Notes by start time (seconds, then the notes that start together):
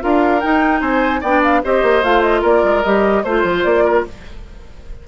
0.00 D4 F4 A#4 F5
0.40 D#4 G5
0.81 C4 C5 G#5
1.20 B3 D4 D5 G5
1.43 F5
1.63 C4 G4 C5 D#5
1.82 A#3
2.03 A3 F4 F5
2.22 D#5
2.41 A#3 A#4 D5
2.63 G#3
2.83 G3 G4 D#5
3.23 A3 F4 C5
3.43 F3
3.63 A#3 D5
3.84 A#4